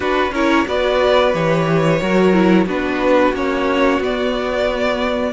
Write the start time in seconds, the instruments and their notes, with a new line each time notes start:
0.00 cello D4, viola D4, violin F#4 B4
0.31 cello C#4, viola E4, violin A#4 C#5
0.66 cello B3, viola F#4, violin B4 D5
1.33 cello E3, viola G4, violin C#5
2.01 cello F#3, viola F#4, violin A#4
2.32 viola E4
2.65 cello B3, viola D4, violin F#4 B4
3.32 cello A#3, viola C#4, violin C#5
3.99 cello B3, viola B3, violin D5